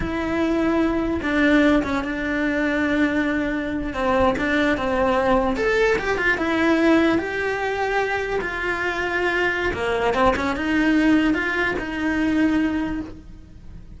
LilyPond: \new Staff \with { instrumentName = "cello" } { \time 4/4 \tempo 4 = 148 e'2. d'4~ | d'8 cis'8 d'2.~ | d'4.~ d'16 c'4 d'4 c'16~ | c'4.~ c'16 a'4 g'8 f'8 e'16~ |
e'4.~ e'16 g'2~ g'16~ | g'8. f'2.~ f'16 | ais4 c'8 cis'8 dis'2 | f'4 dis'2. | }